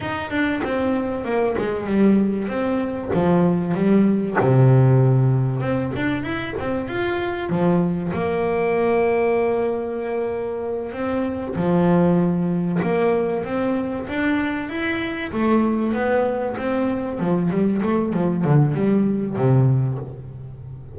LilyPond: \new Staff \with { instrumentName = "double bass" } { \time 4/4 \tempo 4 = 96 dis'8 d'8 c'4 ais8 gis8 g4 | c'4 f4 g4 c4~ | c4 c'8 d'8 e'8 c'8 f'4 | f4 ais2.~ |
ais4. c'4 f4.~ | f8 ais4 c'4 d'4 e'8~ | e'8 a4 b4 c'4 f8 | g8 a8 f8 d8 g4 c4 | }